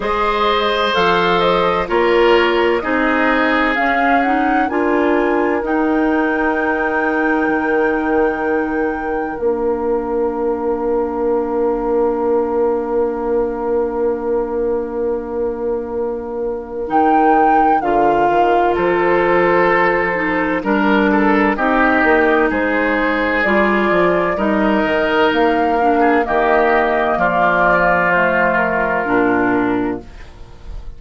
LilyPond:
<<
  \new Staff \with { instrumentName = "flute" } { \time 4/4 \tempo 4 = 64 dis''4 f''8 dis''8 cis''4 dis''4 | f''8 fis''8 gis''4 g''2~ | g''2 f''2~ | f''1~ |
f''2 g''4 f''4 | c''2 ais'4 dis''4 | c''4 d''4 dis''4 f''4 | dis''4 d''4 c''8 ais'4. | }
  \new Staff \with { instrumentName = "oboe" } { \time 4/4 c''2 ais'4 gis'4~ | gis'4 ais'2.~ | ais'1~ | ais'1~ |
ais'1 | a'2 ais'8 a'8 g'4 | gis'2 ais'4.~ ais'16 gis'16 | g'4 f'2. | }
  \new Staff \with { instrumentName = "clarinet" } { \time 4/4 gis'4 a'4 f'4 dis'4 | cis'8 dis'8 f'4 dis'2~ | dis'2 d'2~ | d'1~ |
d'2 dis'4 f'4~ | f'4. dis'8 d'4 dis'4~ | dis'4 f'4 dis'4. d'8 | ais2 a4 d'4 | }
  \new Staff \with { instrumentName = "bassoon" } { \time 4/4 gis4 f4 ais4 c'4 | cis'4 d'4 dis'2 | dis2 ais2~ | ais1~ |
ais2 dis4 d8 dis8 | f2 g4 c'8 ais8 | gis4 g8 f8 g8 dis8 ais4 | dis4 f2 ais,4 | }
>>